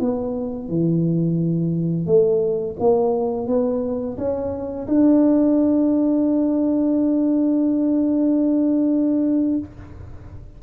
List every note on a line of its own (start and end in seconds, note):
0.00 0.69 B3
0.69 2.07 E3
2.07 2.77 A3
2.80 3.48 A#3
3.48 4.17 B3
4.18 4.87 C#4
4.88 9.59 D4